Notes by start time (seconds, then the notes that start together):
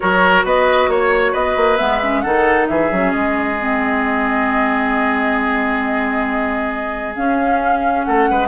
0.00 F#3 F#4 A#4 C#5
0.44 B3 B4 D#5
0.88 A#3 C#5
1.32 B3 B4 D#5
1.56 A#3
1.77 G#3 B3 E5
2.02 C#4
2.20 D#3 D#4 A4 F#5
2.67 E3 G#4 E5
2.91 F#3 C#4
3.11 G#3 D#5
3.58 C4
7.15 C#4 F5
8.03 A3 A4 F#5
8.30 G#3 B4